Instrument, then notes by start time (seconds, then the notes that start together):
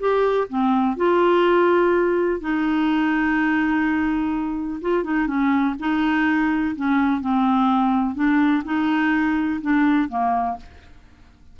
clarinet
0.00 G4
0.49 C4
0.97 F4
2.41 D#4
4.82 F4
5.04 D#4
5.27 C#4
5.79 D#4
6.76 C#4
7.21 C4
8.15 D4
8.65 D#4
9.61 D4
10.09 A#3